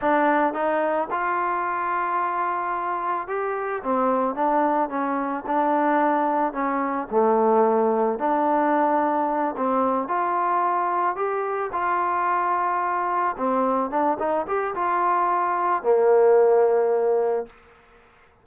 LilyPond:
\new Staff \with { instrumentName = "trombone" } { \time 4/4 \tempo 4 = 110 d'4 dis'4 f'2~ | f'2 g'4 c'4 | d'4 cis'4 d'2 | cis'4 a2 d'4~ |
d'4. c'4 f'4.~ | f'8 g'4 f'2~ f'8~ | f'8 c'4 d'8 dis'8 g'8 f'4~ | f'4 ais2. | }